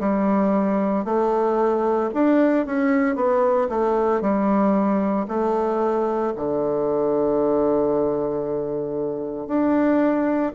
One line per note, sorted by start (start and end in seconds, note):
0.00 1.05 G3
1.05 2.11 A3
2.14 2.66 D4
2.66 3.16 C#4
3.16 3.68 B3
3.69 4.22 A3
4.22 5.27 G3
5.28 6.33 A3
6.36 9.47 D3
9.47 10.53 D4